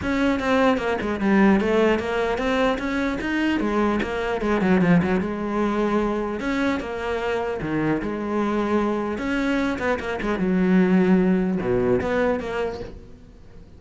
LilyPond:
\new Staff \with { instrumentName = "cello" } { \time 4/4 \tempo 4 = 150 cis'4 c'4 ais8 gis8 g4 | a4 ais4 c'4 cis'4 | dis'4 gis4 ais4 gis8 fis8 | f8 fis8 gis2. |
cis'4 ais2 dis4 | gis2. cis'4~ | cis'8 b8 ais8 gis8 fis2~ | fis4 b,4 b4 ais4 | }